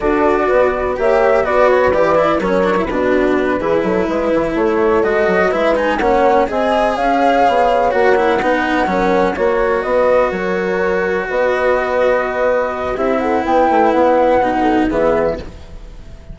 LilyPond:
<<
  \new Staff \with { instrumentName = "flute" } { \time 4/4 \tempo 4 = 125 d''2 e''4 d''8 cis''8 | d''4 cis''4 b'2~ | b'4. cis''4 dis''4 e''8 | gis''8 fis''4 gis''4 f''4.~ |
f''8 fis''2. cis''8~ | cis''8 dis''4 cis''2 dis''8~ | dis''2. e''8 fis''8 | g''4 fis''2 e''4 | }
  \new Staff \with { instrumentName = "horn" } { \time 4/4 a'4 b'4 cis''4 b'4~ | b'4 ais'4 fis'4. gis'8 | a'8 b'4 a'2 b'8~ | b'8 cis''4 dis''4 cis''4.~ |
cis''4. b'4 ais'4 cis''8~ | cis''8 b'4 ais'2 b'8~ | b'2. g'8 a'8 | b'2~ b'8 a'8 gis'4 | }
  \new Staff \with { instrumentName = "cello" } { \time 4/4 fis'2 g'4 fis'4 | g'8 e'8 cis'8 d'16 e'16 d'4. e'8~ | e'2~ e'8 fis'4 e'8 | dis'8 cis'4 gis'2~ gis'8~ |
gis'8 fis'8 e'8 dis'4 cis'4 fis'8~ | fis'1~ | fis'2. e'4~ | e'2 dis'4 b4 | }
  \new Staff \with { instrumentName = "bassoon" } { \time 4/4 d'4 b4 ais4 b4 | e4 fis4 b,4. e8 | fis8 gis8 e8 a4 gis8 fis8 gis8~ | gis8 ais4 c'4 cis'4 b8~ |
b8 ais4 b4 fis4 ais8~ | ais8 b4 fis2 b8~ | b2. c'4 | b8 a8 b4 b,4 e4 | }
>>